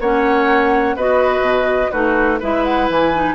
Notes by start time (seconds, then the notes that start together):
0.00 A#3 C#4 C#5 F#5
0.96 B3 F#4 B4 D#5
1.40 B2
1.91 A3 D#4 F#4 B4
2.40 G#3 E4 B4 E5
2.64 F#5
2.89 E3 G#5
3.14 D#4